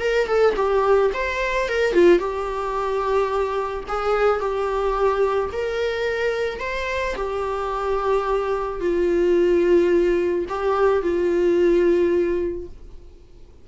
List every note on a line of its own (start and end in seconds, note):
0.00 0.27 A#4
0.27 0.54 A4
0.56 1.11 G4
1.14 1.69 C5
1.69 1.93 A#4
1.93 2.19 F4
2.19 3.84 G4
3.88 4.40 G#4
4.40 5.50 G4
5.52 6.60 A#4
6.60 7.15 C5
7.16 8.81 G4
8.81 10.46 F4
10.49 11.02 G4
11.02 12.68 F4